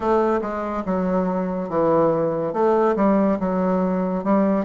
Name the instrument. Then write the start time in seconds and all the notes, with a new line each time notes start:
bassoon
0.00 A3
0.41 G#3
0.85 F#3
1.69 E3
2.53 A3
2.96 G3
3.39 F#3
4.24 G3